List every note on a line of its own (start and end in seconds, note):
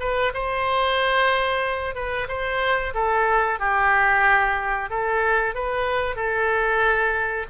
0.00 0.33 B4
0.34 1.95 C5
1.95 2.28 B4
2.29 2.94 C5
2.94 3.59 A4
3.60 4.90 G4
4.90 5.55 A4
5.55 6.16 B4
6.16 7.46 A4